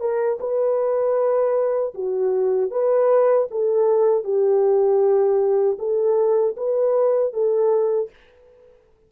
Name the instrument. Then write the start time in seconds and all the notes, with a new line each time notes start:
horn
0.00 A#4
0.40 B4
1.94 F#4
2.71 B4
3.51 A4
4.24 G4
5.79 A4
6.57 B4
7.33 A4